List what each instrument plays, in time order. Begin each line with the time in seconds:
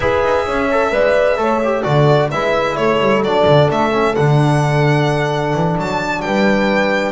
0.00 double bass E4, trombone G#4, horn B4, violin E5
0.23 double bass D#4
0.45 double bass C#4, horn C#5
0.71 trombone A4
0.91 double bass G#3, trombone B4, horn D5
1.37 double bass A3, trombone A4, horn C#5
1.63 trombone G4
1.82 double bass D3, trombone F#4, horn A4, violin D5
2.31 double bass G#3, trombone E4, horn B4, violin E5
2.76 double bass A3, horn A4, violin C#5
2.99 double bass G3
3.21 double bass F#3, trombone D4, violin D5
3.45 double bass D3
3.70 double bass A3, violin E5
3.91 trombone C#4
4.15 double bass D3, trombone D4, violin F#5
5.53 double bass E3
5.77 double bass F#3, violin A5
6.21 double bass G3, horn B4, violin G5